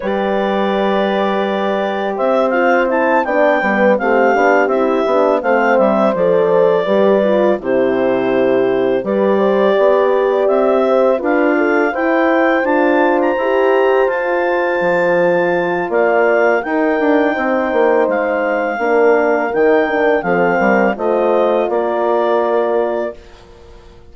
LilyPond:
<<
  \new Staff \with { instrumentName = "clarinet" } { \time 4/4 \tempo 4 = 83 d''2. e''8 f''8 | a''8 g''4 f''4 e''4 f''8 | e''8 d''2 c''4.~ | c''8 d''2 e''4 f''8~ |
f''8 g''4 a''8. ais''4~ ais''16 a''8~ | a''2 f''4 g''4~ | g''4 f''2 g''4 | f''4 dis''4 d''2 | }
  \new Staff \with { instrumentName = "horn" } { \time 4/4 b'2. c''4~ | c''8 d''8 b'8 g'2 c''8~ | c''4. b'4 g'4.~ | g'8 b'8 c''8 d''4. c''8 b'8 |
a'8 c''2.~ c''8~ | c''2 d''4 ais'4 | c''2 ais'2 | a'8 ais'8 c''4 ais'2 | }
  \new Staff \with { instrumentName = "horn" } { \time 4/4 g'2.~ g'8 f'8 | e'8 d'8 b8 c'8 d'8 e'8 d'8 c'8~ | c'8 a'4 g'8 f'8 e'4.~ | e'8 g'2. f'8~ |
f'8 e'4 f'4 g'4 f'8~ | f'2. dis'4~ | dis'2 d'4 dis'8 d'8 | c'4 f'2. | }
  \new Staff \with { instrumentName = "bassoon" } { \time 4/4 g2. c'4~ | c'8 b8 g8 a8 b8 c'8 b8 a8 | g8 f4 g4 c4.~ | c8 g4 b4 c'4 d'8~ |
d'8 e'4 d'4 e'4 f'8~ | f'8 f4. ais4 dis'8 d'8 | c'8 ais8 gis4 ais4 dis4 | f8 g8 a4 ais2 | }
>>